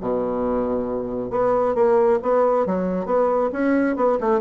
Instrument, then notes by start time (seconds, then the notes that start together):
bassoon
0.00 B2
1.30 B3
1.75 A#3
2.22 B3
2.66 F#3
3.05 B3
3.52 C#4
3.96 B3
4.20 A3